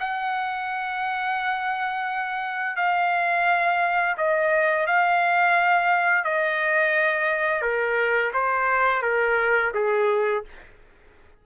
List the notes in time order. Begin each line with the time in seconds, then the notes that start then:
0.00 F#5
2.77 F5
4.17 D#5
4.87 F5
6.24 D#5
7.62 A#4
8.33 C5
9.03 A#4
9.74 G#4